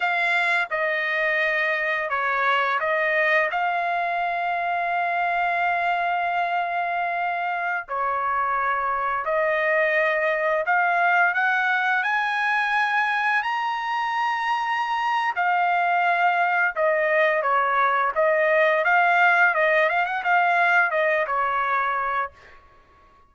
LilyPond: \new Staff \with { instrumentName = "trumpet" } { \time 4/4 \tempo 4 = 86 f''4 dis''2 cis''4 | dis''4 f''2.~ | f''2.~ f''16 cis''8.~ | cis''4~ cis''16 dis''2 f''8.~ |
f''16 fis''4 gis''2 ais''8.~ | ais''2 f''2 | dis''4 cis''4 dis''4 f''4 | dis''8 f''16 fis''16 f''4 dis''8 cis''4. | }